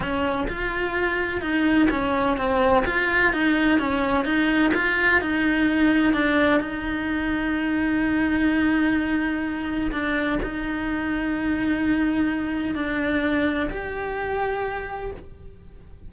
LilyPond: \new Staff \with { instrumentName = "cello" } { \time 4/4 \tempo 4 = 127 cis'4 f'2 dis'4 | cis'4 c'4 f'4 dis'4 | cis'4 dis'4 f'4 dis'4~ | dis'4 d'4 dis'2~ |
dis'1~ | dis'4 d'4 dis'2~ | dis'2. d'4~ | d'4 g'2. | }